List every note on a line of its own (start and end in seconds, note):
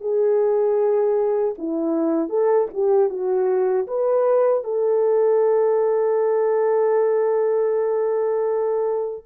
0.00 1.54 G#4
1.57 2.29 E4
2.29 2.67 A4
2.73 3.09 G4
3.09 3.86 F#4
3.87 4.63 B4
4.63 9.25 A4